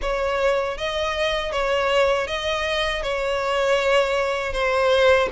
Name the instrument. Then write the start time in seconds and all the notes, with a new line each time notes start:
violin
0.01 C#5
0.77 D#5
1.52 C#5
2.27 D#5
3.02 C#5
4.53 C5